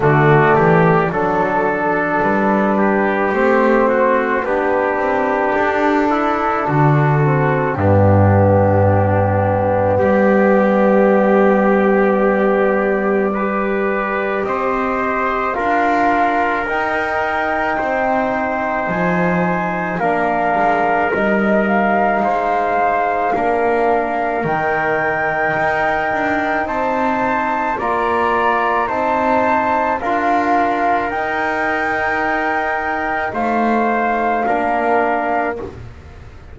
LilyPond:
<<
  \new Staff \with { instrumentName = "flute" } { \time 4/4 \tempo 4 = 54 d''4 a'4 b'4 c''4 | b'4 a'2 g'4~ | g'4 d''2.~ | d''4 dis''4 f''4 g''4~ |
g''4 gis''4 f''4 dis''8 f''8~ | f''2 g''2 | a''4 ais''4 a''4 f''4 | g''2 f''2 | }
  \new Staff \with { instrumentName = "trumpet" } { \time 4/4 fis'8 g'8 a'4. g'4 fis'8 | g'4. e'8 fis'4 d'4~ | d'4 g'2. | b'4 c''4 ais'2 |
c''2 ais'2 | c''4 ais'2. | c''4 d''4 c''4 ais'4~ | ais'2 c''4 ais'4 | }
  \new Staff \with { instrumentName = "trombone" } { \time 4/4 a4 d'2 c'4 | d'2~ d'8 c'8 b4~ | b1 | g'2 f'4 dis'4~ |
dis'2 d'4 dis'4~ | dis'4 d'4 dis'2~ | dis'4 f'4 dis'4 f'4 | dis'2. d'4 | }
  \new Staff \with { instrumentName = "double bass" } { \time 4/4 d8 e8 fis4 g4 a4 | b8 c'8 d'4 d4 g,4~ | g,4 g2.~ | g4 c'4 d'4 dis'4 |
c'4 f4 ais8 gis8 g4 | gis4 ais4 dis4 dis'8 d'8 | c'4 ais4 c'4 d'4 | dis'2 a4 ais4 | }
>>